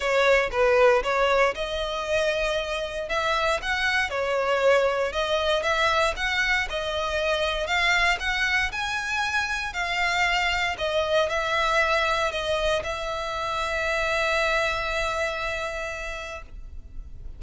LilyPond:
\new Staff \with { instrumentName = "violin" } { \time 4/4 \tempo 4 = 117 cis''4 b'4 cis''4 dis''4~ | dis''2 e''4 fis''4 | cis''2 dis''4 e''4 | fis''4 dis''2 f''4 |
fis''4 gis''2 f''4~ | f''4 dis''4 e''2 | dis''4 e''2.~ | e''1 | }